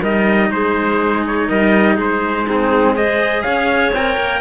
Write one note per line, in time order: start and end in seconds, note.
0.00 0.51 G3
0.00 2.46 D#4
0.00 0.49 A#4
0.00 0.51 D#5
0.51 1.48 G#3
0.51 1.48 G#4
0.51 1.25 C5
1.27 1.49 C#5
1.48 1.97 G3
1.48 1.94 A#4
1.48 1.98 D#5
1.94 3.44 G#3
1.94 2.43 G#4
1.94 2.49 C5
2.45 2.96 C4
2.45 2.94 D#4
2.45 2.96 G#4
2.94 3.93 G#4
2.94 3.43 C5
2.94 3.42 D#5
3.42 3.92 C#4
3.42 4.41 C#5
3.42 3.91 F5
3.92 4.17 C4
3.92 4.41 A#4
3.92 4.41 G5
4.18 4.41 A#3